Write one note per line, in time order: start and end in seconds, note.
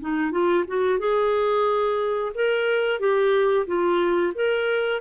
0.00 0.31 D#4
0.31 0.64 F4
0.67 0.98 F#4
0.98 2.32 G#4
2.34 2.99 A#4
2.99 3.66 G4
3.66 4.33 F4
4.35 5.00 A#4